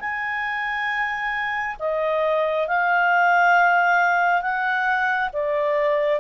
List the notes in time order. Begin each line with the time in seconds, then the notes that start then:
0.00 G#5
1.80 D#5
2.68 F5
4.42 F#5
5.33 D5